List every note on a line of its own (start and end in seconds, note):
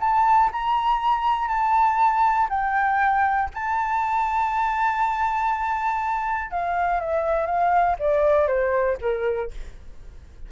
0.00 0.50 A5
0.52 1.47 A#5
1.47 2.48 A5
2.49 3.49 G5
3.54 6.50 A5
6.50 7.00 F5
7.00 7.46 E5
7.46 7.96 F5
7.99 8.47 D5
8.47 8.97 C5
9.01 9.51 A#4